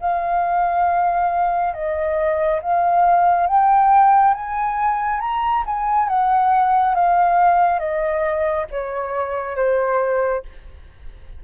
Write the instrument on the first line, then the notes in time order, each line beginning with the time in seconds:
flute
0.00 F5
1.74 D#5
2.62 F5
3.47 G5
4.34 G#5
5.20 A#5
5.66 G#5
6.08 F#5
6.95 F5
7.79 D#5
8.71 C#5
9.56 C5